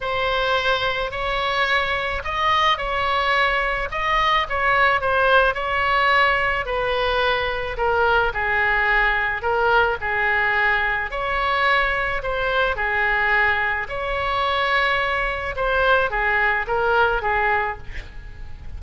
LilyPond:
\new Staff \with { instrumentName = "oboe" } { \time 4/4 \tempo 4 = 108 c''2 cis''2 | dis''4 cis''2 dis''4 | cis''4 c''4 cis''2 | b'2 ais'4 gis'4~ |
gis'4 ais'4 gis'2 | cis''2 c''4 gis'4~ | gis'4 cis''2. | c''4 gis'4 ais'4 gis'4 | }